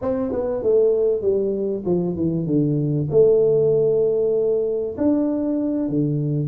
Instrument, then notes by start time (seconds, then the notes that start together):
tuba
0.01 C4
0.31 B3
0.62 A3
1.21 G3
1.85 F3
2.15 E3
2.46 D3
3.10 A3
4.97 D4
5.88 D3